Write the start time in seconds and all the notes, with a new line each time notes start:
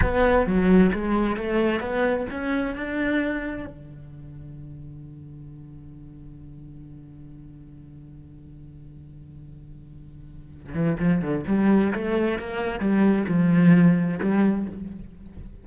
0.01 B3
0.46 F#3
0.93 G#3
1.36 A3
1.80 B3
2.30 C#4
2.75 D4
3.66 D3
10.74 E3
10.99 F3
11.21 D3
11.47 G3
11.93 A3
12.38 A#3
12.79 G3
13.28 F3
14.20 G3